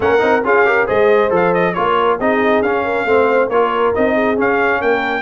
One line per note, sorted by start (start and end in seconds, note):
0.00 0.22 A#3
0.00 0.18 C#4
0.00 0.45 A#4
0.00 0.44 F#5
0.18 0.43 C4
0.18 0.40 D#4
0.43 0.87 C#4
0.43 0.65 F4
0.43 0.66 G#4
0.43 0.88 F5
0.65 0.87 G4
0.65 0.86 A#4
0.86 1.31 G#3
0.86 1.30 G#4
0.86 1.73 C5
0.86 1.32 D#5
1.30 1.75 F3
1.30 1.73 A4
1.30 1.54 F5
1.54 1.74 D#5
1.74 2.19 A#3
1.74 2.19 F4
1.74 2.18 A#4
1.74 2.18 C#5
2.18 2.62 C4
2.18 2.64 D#4
2.18 2.84 G#4
2.18 2.62 D#5
2.62 3.05 C#4
2.62 3.06 C#4
2.62 3.49 F5
2.84 3.06 A#4
3.05 3.49 A3
3.05 3.50 C4
3.05 3.50 C5
3.49 3.92 A#3
3.49 3.94 F4
3.49 4.13 A#4
3.49 3.93 C#5
3.94 4.39 C4
3.94 4.36 D#4
3.94 4.38 D#5
4.13 4.79 G#4
4.36 5.22 C#4
4.36 4.82 C#4
4.36 4.81 F5
4.80 5.22 A#3
4.80 5.22 A#4
4.80 5.22 G5